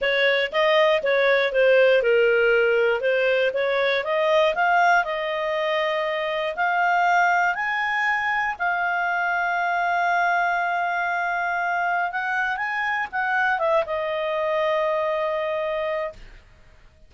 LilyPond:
\new Staff \with { instrumentName = "clarinet" } { \time 4/4 \tempo 4 = 119 cis''4 dis''4 cis''4 c''4 | ais'2 c''4 cis''4 | dis''4 f''4 dis''2~ | dis''4 f''2 gis''4~ |
gis''4 f''2.~ | f''1 | fis''4 gis''4 fis''4 e''8 dis''8~ | dis''1 | }